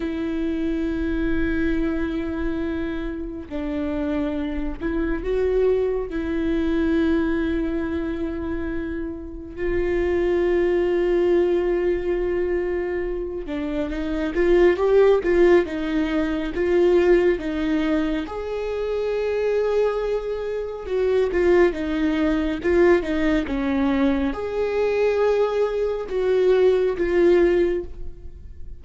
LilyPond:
\new Staff \with { instrumentName = "viola" } { \time 4/4 \tempo 4 = 69 e'1 | d'4. e'8 fis'4 e'4~ | e'2. f'4~ | f'2.~ f'8 d'8 |
dis'8 f'8 g'8 f'8 dis'4 f'4 | dis'4 gis'2. | fis'8 f'8 dis'4 f'8 dis'8 cis'4 | gis'2 fis'4 f'4 | }